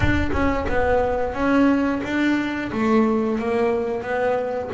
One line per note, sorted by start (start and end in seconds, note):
0.00 0.30 D4
0.32 0.66 C#4
0.69 1.34 B3
1.34 2.01 C#4
2.03 2.71 D4
2.72 3.39 A3
3.39 4.02 A#3
4.02 4.69 B3